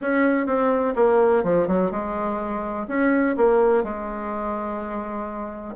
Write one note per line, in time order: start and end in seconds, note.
0.01 0.46 C#4
0.46 0.94 C4
0.95 1.43 A#3
1.43 1.67 F3
1.67 1.91 F#3
1.91 2.87 G#3
2.88 3.36 C#4
3.36 3.83 A#3
3.83 5.75 G#3